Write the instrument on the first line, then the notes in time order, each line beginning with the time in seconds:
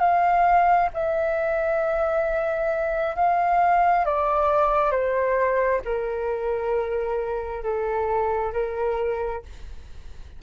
flute
0.00 F5
0.94 E5
3.16 F5
4.05 D5
4.92 C5
5.85 A#4
7.64 A4
8.53 A#4